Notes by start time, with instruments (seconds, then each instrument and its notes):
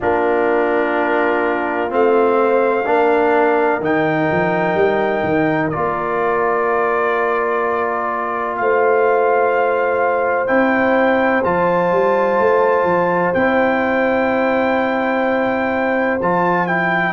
0.00 tuba A#3, trombone D4, horn F4, trumpet A#4
1.89 tuba A3, trombone C4, trumpet F5
2.40 horn C5
2.86 tuba A#3, trombone D4, horn A#4
3.80 tuba D#3, trombone D#4, trumpet G5
4.31 tuba F3
4.74 tuba G3
5.23 tuba D#3
5.70 tuba A#3, trombone F4, trumpet D5
8.56 tuba A3, horn C5, trumpet F5
10.47 tuba C4, trombone E4, trumpet G5
11.43 tuba F3, trombone F4, trumpet A5
11.91 tuba G3
12.39 tuba A3
12.84 tuba F3
13.34 tuba C4, trombone E4, trumpet G5
16.21 tuba F3, trombone F4, trumpet A5
16.66 trombone E4, trumpet G5